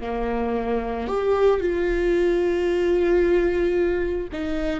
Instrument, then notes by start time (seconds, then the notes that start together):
viola
0.00 A#3
1.07 G4
1.60 F4
4.32 D#4